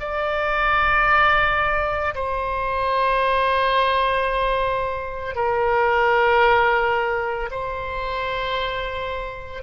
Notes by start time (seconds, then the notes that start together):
0.00 D5
2.15 C5
5.35 A#4
7.51 C5